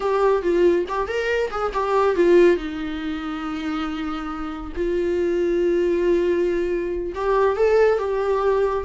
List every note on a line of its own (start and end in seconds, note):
0.00 0.42 G4
0.42 0.85 F4
0.88 1.07 G4
1.07 1.50 A#4
1.50 1.72 G#4
1.73 2.15 G4
2.15 2.57 F4
2.57 4.72 D#4
4.75 7.13 F4
7.14 7.56 G4
7.56 7.98 A4
7.98 8.84 G4